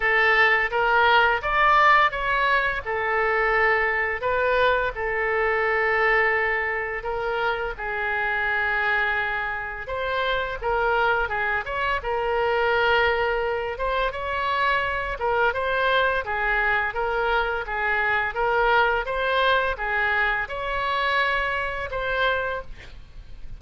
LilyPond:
\new Staff \with { instrumentName = "oboe" } { \time 4/4 \tempo 4 = 85 a'4 ais'4 d''4 cis''4 | a'2 b'4 a'4~ | a'2 ais'4 gis'4~ | gis'2 c''4 ais'4 |
gis'8 cis''8 ais'2~ ais'8 c''8 | cis''4. ais'8 c''4 gis'4 | ais'4 gis'4 ais'4 c''4 | gis'4 cis''2 c''4 | }